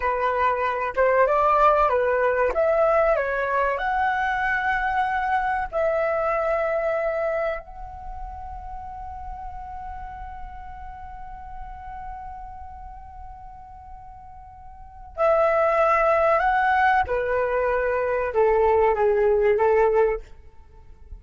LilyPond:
\new Staff \with { instrumentName = "flute" } { \time 4/4 \tempo 4 = 95 b'4. c''8 d''4 b'4 | e''4 cis''4 fis''2~ | fis''4 e''2. | fis''1~ |
fis''1~ | fis''1 | e''2 fis''4 b'4~ | b'4 a'4 gis'4 a'4 | }